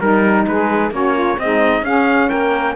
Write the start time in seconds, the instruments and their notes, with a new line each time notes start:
0.00 cello G3, saxophone D#4 A#4, trumpet A#4
0.47 cello G#3, saxophone G#4, trumpet B4
0.91 cello A#3, saxophone C#4 F#4, trumpet C#5
1.15 saxophone F4
1.38 saxophone G#3 D#4, cello C4, trumpet D#5
1.82 cello C#4, saxophone C#4 G#4, trumpet F5
2.29 cello A#3, saxophone A#4, trumpet G5